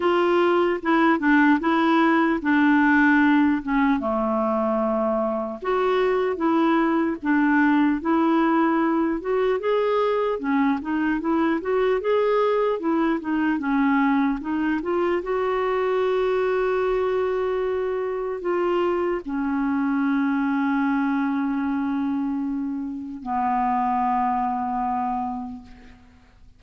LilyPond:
\new Staff \with { instrumentName = "clarinet" } { \time 4/4 \tempo 4 = 75 f'4 e'8 d'8 e'4 d'4~ | d'8 cis'8 a2 fis'4 | e'4 d'4 e'4. fis'8 | gis'4 cis'8 dis'8 e'8 fis'8 gis'4 |
e'8 dis'8 cis'4 dis'8 f'8 fis'4~ | fis'2. f'4 | cis'1~ | cis'4 b2. | }